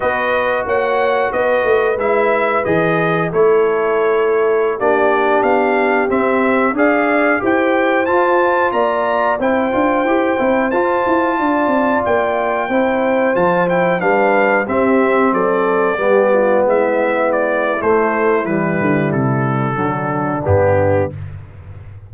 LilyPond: <<
  \new Staff \with { instrumentName = "trumpet" } { \time 4/4 \tempo 4 = 91 dis''4 fis''4 dis''4 e''4 | dis''4 cis''2~ cis''16 d''8.~ | d''16 f''4 e''4 f''4 g''8.~ | g''16 a''4 ais''4 g''4.~ g''16~ |
g''16 a''2 g''4.~ g''16~ | g''16 a''8 g''8 f''4 e''4 d''8.~ | d''4~ d''16 e''4 d''8. c''4 | b'4 a'2 g'4 | }
  \new Staff \with { instrumentName = "horn" } { \time 4/4 b'4 cis''4 b'2~ | b'4 a'2~ a'16 g'8.~ | g'2~ g'16 d''4 c''8.~ | c''4~ c''16 d''4 c''4.~ c''16~ |
c''4~ c''16 d''2 c''8.~ | c''4~ c''16 b'4 g'4 a'8.~ | a'16 g'8 f'8 e'2~ e'8.~ | e'2 d'2 | }
  \new Staff \with { instrumentName = "trombone" } { \time 4/4 fis'2. e'4 | gis'4 e'2~ e'16 d'8.~ | d'4~ d'16 c'4 gis'4 g'8.~ | g'16 f'2 e'8 f'8 g'8 e'16~ |
e'16 f'2. e'8.~ | e'16 f'8 e'8 d'4 c'4.~ c'16~ | c'16 b2~ b8. a4 | g2 fis4 b4 | }
  \new Staff \with { instrumentName = "tuba" } { \time 4/4 b4 ais4 b8 a8 gis4 | e4 a2~ a16 ais8.~ | ais16 b4 c'4 d'4 e'8.~ | e'16 f'4 ais4 c'8 d'8 e'8 c'16~ |
c'16 f'8 e'8 d'8 c'8 ais4 c'8.~ | c'16 f4 g4 c'4 fis8.~ | fis16 g4 gis4.~ gis16 a4 | e8 d8 c4 d4 g,4 | }
>>